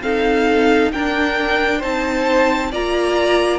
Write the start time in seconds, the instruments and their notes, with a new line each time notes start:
0.00 viola C4, cello D#4, violin A4 F5
0.92 viola D4, cello D4, violin A#4 G5
1.78 cello C4, viola D#4, violin C5 A5
2.71 cello A#3, viola F4, violin D5 A#5